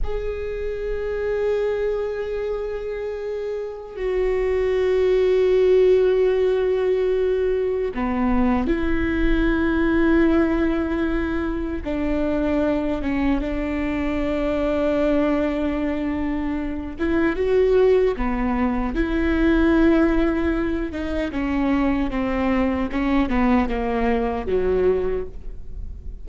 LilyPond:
\new Staff \with { instrumentName = "viola" } { \time 4/4 \tempo 4 = 76 gis'1~ | gis'4 fis'2.~ | fis'2 b4 e'4~ | e'2. d'4~ |
d'8 cis'8 d'2.~ | d'4. e'8 fis'4 b4 | e'2~ e'8 dis'8 cis'4 | c'4 cis'8 b8 ais4 fis4 | }